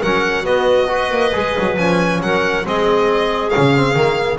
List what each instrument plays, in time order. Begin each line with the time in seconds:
0.00 double bass F#3, trombone C#4, clarinet A#4, violin F#5
0.44 trombone B3, double bass B3, clarinet F#4, violin D#5
0.88 trombone F#4, clarinet B4
1.11 double bass A#3
1.33 double bass G#3, trombone G#4
1.59 double bass F#3
1.77 double bass F3, trombone C#4, violin G#5
2.21 double bass F#3, clarinet A#4, violin F#5
2.64 double bass G#3, trombone C4, clarinet G#4, violin D#5
3.50 trombone C#4, violin F5
3.57 double bass C#3
3.76 trombone C4
3.95 double bass D#3, trombone A#3